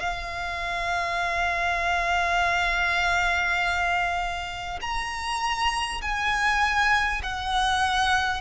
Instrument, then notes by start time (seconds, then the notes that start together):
violin
0.00 F5
4.81 A#5
6.02 G#5
7.23 F#5